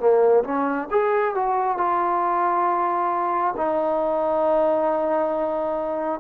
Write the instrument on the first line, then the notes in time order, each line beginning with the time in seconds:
trombone
0.00 A#3
0.45 C#4
0.91 G#4
1.35 F#4
1.78 F4
3.57 D#4